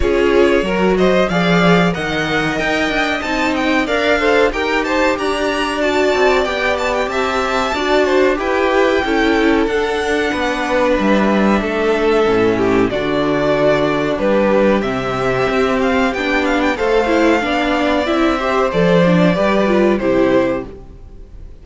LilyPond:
<<
  \new Staff \with { instrumentName = "violin" } { \time 4/4 \tempo 4 = 93 cis''4. dis''8 f''4 fis''4 | g''4 a''8 g''8 f''4 g''8 a''8 | ais''4 a''4 g''8 a''16 g''16 a''4~ | a''4 g''2 fis''4~ |
fis''4 e''2. | d''2 b'4 e''4~ | e''8 f''8 g''8 f''16 g''16 f''2 | e''4 d''2 c''4 | }
  \new Staff \with { instrumentName = "violin" } { \time 4/4 gis'4 ais'8 c''8 d''4 dis''4~ | dis''2 d''8 c''8 ais'8 c''8 | d''2. e''4 | d''8 c''8 b'4 a'2 |
b'2 a'4. g'8 | fis'2 g'2~ | g'2 c''4 d''4~ | d''8 c''4. b'4 g'4 | }
  \new Staff \with { instrumentName = "viola" } { \time 4/4 f'4 fis'4 gis'4 ais'4~ | ais'4 dis'4 ais'8 a'8 g'4~ | g'4 fis'4 g'2 | fis'4 g'4 e'4 d'4~ |
d'2. cis'4 | d'2. c'4~ | c'4 d'4 a'8 e'8 d'4 | e'8 g'8 a'8 d'8 g'8 f'8 e'4 | }
  \new Staff \with { instrumentName = "cello" } { \time 4/4 cis'4 fis4 f4 dis4 | dis'8 d'8 c'4 d'4 dis'4 | d'4. c'8 b4 c'4 | d'4 e'4 cis'4 d'4 |
b4 g4 a4 a,4 | d2 g4 c4 | c'4 b4 a4 b4 | c'4 f4 g4 c4 | }
>>